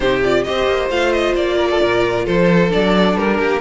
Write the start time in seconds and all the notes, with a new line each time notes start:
0.00 C3 D#4 G4 C5
0.24 F4 D5
0.43 C4 G4 C5 D#5
0.67 A#3
0.89 A3 F4 F5
1.12 D#5
1.35 A#3 D5
1.56 A#4
1.70 A4
1.81 A#2 A#4
2.25 F3 A4 C5
2.69 F#3 D4 D5
3.16 G3 A#4
3.38 A#3 G4